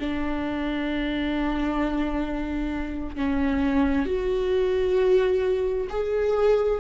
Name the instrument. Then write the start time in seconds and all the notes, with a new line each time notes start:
viola
0.00 D4
3.16 C#4
4.06 F#4
5.90 G#4